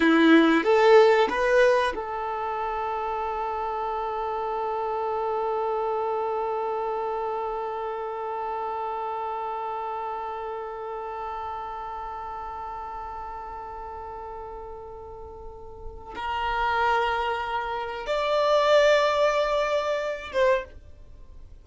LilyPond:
\new Staff \with { instrumentName = "violin" } { \time 4/4 \tempo 4 = 93 e'4 a'4 b'4 a'4~ | a'1~ | a'1~ | a'1~ |
a'1~ | a'1~ | a'4 ais'2. | d''2.~ d''8 c''8 | }